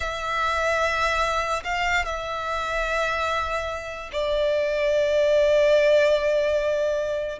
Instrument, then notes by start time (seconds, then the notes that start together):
violin
0.00 E5
1.64 F5
2.05 E5
4.12 D5